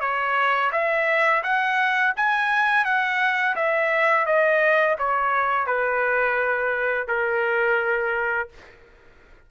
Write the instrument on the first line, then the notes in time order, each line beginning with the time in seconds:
trumpet
0.00 C#5
0.72 E5
1.43 F#5
2.16 G#5
2.84 F#5
3.56 E5
4.25 D#5
4.98 C#5
5.66 B4
7.07 A#4